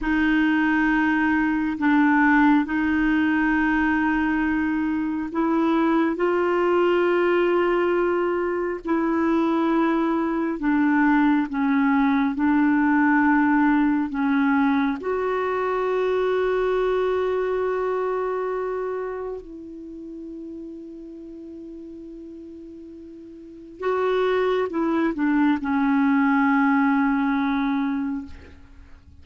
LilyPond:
\new Staff \with { instrumentName = "clarinet" } { \time 4/4 \tempo 4 = 68 dis'2 d'4 dis'4~ | dis'2 e'4 f'4~ | f'2 e'2 | d'4 cis'4 d'2 |
cis'4 fis'2.~ | fis'2 e'2~ | e'2. fis'4 | e'8 d'8 cis'2. | }